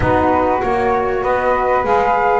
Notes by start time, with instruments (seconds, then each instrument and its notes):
0.00 double bass B3, saxophone D#4, flute F#4 B4
0.62 double bass A#3, saxophone F#4, flute C#5
1.22 double bass B3, flute B4 D#5
1.83 double bass G#3, saxophone G#4, flute F5